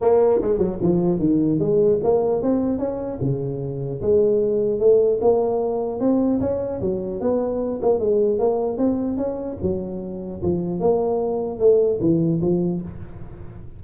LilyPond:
\new Staff \with { instrumentName = "tuba" } { \time 4/4 \tempo 4 = 150 ais4 gis8 fis8 f4 dis4 | gis4 ais4 c'4 cis'4 | cis2 gis2 | a4 ais2 c'4 |
cis'4 fis4 b4. ais8 | gis4 ais4 c'4 cis'4 | fis2 f4 ais4~ | ais4 a4 e4 f4 | }